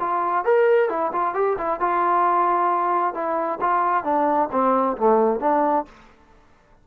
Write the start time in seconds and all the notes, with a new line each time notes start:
0.00 F4
0.45 A#4
0.90 E4
1.13 F4
1.35 G4
1.58 E4
1.80 F4
3.14 E4
3.61 F4
4.05 D4
4.52 C4
4.98 A3
5.41 D4